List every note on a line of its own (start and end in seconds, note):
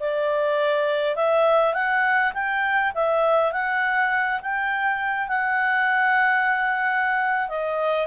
0.00 1.16 D5
1.16 1.74 E5
1.74 2.33 F#5
2.34 2.93 G5
2.95 3.53 E5
3.53 4.41 F#5
4.42 5.28 G5
5.28 7.49 F#5
7.49 8.07 D#5